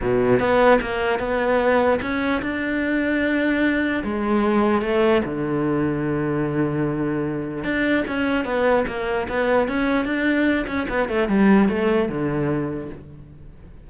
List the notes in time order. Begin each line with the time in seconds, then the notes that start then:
0.01 B2
0.39 B3
0.81 A#3
1.19 B3
2.01 C#4
2.42 D4
4.03 G#3
4.81 A3
5.25 D3
7.63 D4
8.07 C#4
8.45 B3
8.87 A#3
9.29 B3
9.68 C#4
10.05 D4
10.67 C#4
10.89 B3
11.08 A3
11.28 G3
11.68 A3
12.08 D3